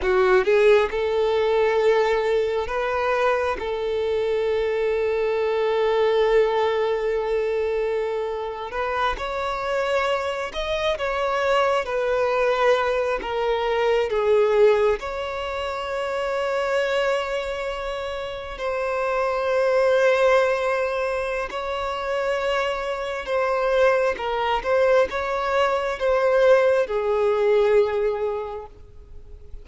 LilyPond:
\new Staff \with { instrumentName = "violin" } { \time 4/4 \tempo 4 = 67 fis'8 gis'8 a'2 b'4 | a'1~ | a'4.~ a'16 b'8 cis''4. dis''16~ | dis''16 cis''4 b'4. ais'4 gis'16~ |
gis'8. cis''2.~ cis''16~ | cis''8. c''2.~ c''16 | cis''2 c''4 ais'8 c''8 | cis''4 c''4 gis'2 | }